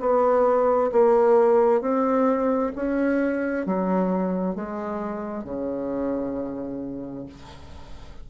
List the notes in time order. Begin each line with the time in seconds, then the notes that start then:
0.00 B3
0.92 A#3
1.81 C4
2.75 C#4
3.66 F#3
4.55 G#3
5.44 C#3